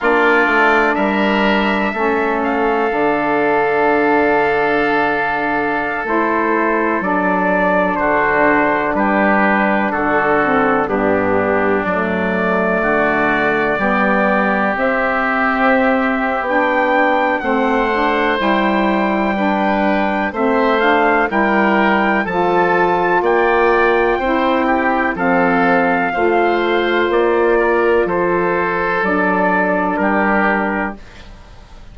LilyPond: <<
  \new Staff \with { instrumentName = "trumpet" } { \time 4/4 \tempo 4 = 62 d''4 e''4. f''4.~ | f''2~ f''16 c''4 d''8.~ | d''16 c''4 b'4 a'4 g'8.~ | g'16 d''2. e''8.~ |
e''4 g''4 fis''4 g''4~ | g''4 e''8 f''8 g''4 a''4 | g''2 f''2 | d''4 c''4 d''4 ais'4 | }
  \new Staff \with { instrumentName = "oboe" } { \time 4/4 f'4 ais'4 a'2~ | a'1~ | a'16 fis'4 g'4 fis'4 d'8.~ | d'4~ d'16 fis'4 g'4.~ g'16~ |
g'2 c''2 | b'4 c''4 ais'4 a'4 | d''4 c''8 g'8 a'4 c''4~ | c''8 ais'8 a'2 g'4 | }
  \new Staff \with { instrumentName = "saxophone" } { \time 4/4 d'2 cis'4 d'4~ | d'2~ d'16 e'4 d'8.~ | d'2~ d'8. c'8 b8.~ | b16 a2 b4 c'8.~ |
c'4 d'4 c'8 d'8 e'4 | d'4 c'8 d'8 e'4 f'4~ | f'4 e'4 c'4 f'4~ | f'2 d'2 | }
  \new Staff \with { instrumentName = "bassoon" } { \time 4/4 ais8 a8 g4 a4 d4~ | d2~ d16 a4 fis8.~ | fis16 d4 g4 d4 g,8.~ | g,16 fis4 d4 g4 c'8.~ |
c'4 b4 a4 g4~ | g4 a4 g4 f4 | ais4 c'4 f4 a4 | ais4 f4 fis4 g4 | }
>>